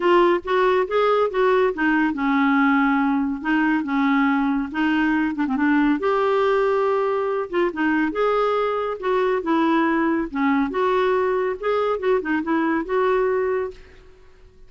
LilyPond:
\new Staff \with { instrumentName = "clarinet" } { \time 4/4 \tempo 4 = 140 f'4 fis'4 gis'4 fis'4 | dis'4 cis'2. | dis'4 cis'2 dis'4~ | dis'8 d'16 c'16 d'4 g'2~ |
g'4. f'8 dis'4 gis'4~ | gis'4 fis'4 e'2 | cis'4 fis'2 gis'4 | fis'8 dis'8 e'4 fis'2 | }